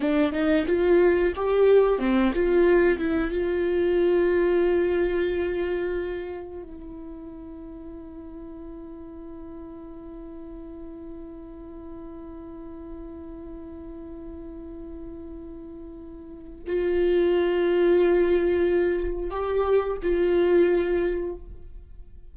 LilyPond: \new Staff \with { instrumentName = "viola" } { \time 4/4 \tempo 4 = 90 d'8 dis'8 f'4 g'4 c'8 f'8~ | f'8 e'8 f'2.~ | f'2 e'2~ | e'1~ |
e'1~ | e'1~ | e'4 f'2.~ | f'4 g'4 f'2 | }